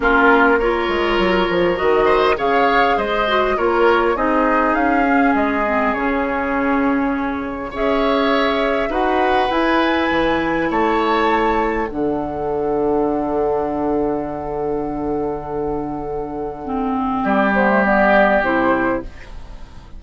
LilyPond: <<
  \new Staff \with { instrumentName = "flute" } { \time 4/4 \tempo 4 = 101 ais'4 cis''2 dis''4 | f''4 dis''4 cis''4 dis''4 | f''4 dis''4 cis''2~ | cis''4 e''2 fis''4 |
gis''2 a''2 | fis''1~ | fis''1~ | fis''4 d''8 c''8 d''4 c''4 | }
  \new Staff \with { instrumentName = "oboe" } { \time 4/4 f'4 ais'2~ ais'8 c''8 | cis''4 c''4 ais'4 gis'4~ | gis'1~ | gis'4 cis''2 b'4~ |
b'2 cis''2 | a'1~ | a'1~ | a'4 g'2. | }
  \new Staff \with { instrumentName = "clarinet" } { \time 4/4 cis'4 f'2 fis'4 | gis'4. fis'8 f'4 dis'4~ | dis'8 cis'4 c'8 cis'2~ | cis'4 gis'2 fis'4 |
e'1 | d'1~ | d'1 | c'4. b16 a16 b4 e'4 | }
  \new Staff \with { instrumentName = "bassoon" } { \time 4/4 ais4. gis8 fis8 f8 dis4 | cis4 gis4 ais4 c'4 | cis'4 gis4 cis2~ | cis4 cis'2 dis'4 |
e'4 e4 a2 | d1~ | d1~ | d4 g2 c4 | }
>>